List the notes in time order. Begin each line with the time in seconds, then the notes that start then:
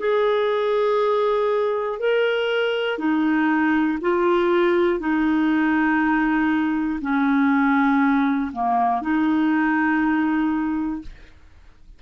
0.00 G#4
2.00 A#4
2.99 D#4
4.02 F4
5.00 D#4
7.02 C#4
8.53 A#3
9.02 D#4